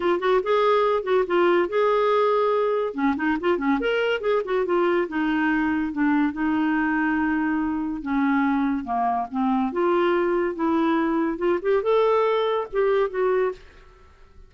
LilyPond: \new Staff \with { instrumentName = "clarinet" } { \time 4/4 \tempo 4 = 142 f'8 fis'8 gis'4. fis'8 f'4 | gis'2. cis'8 dis'8 | f'8 cis'8 ais'4 gis'8 fis'8 f'4 | dis'2 d'4 dis'4~ |
dis'2. cis'4~ | cis'4 ais4 c'4 f'4~ | f'4 e'2 f'8 g'8 | a'2 g'4 fis'4 | }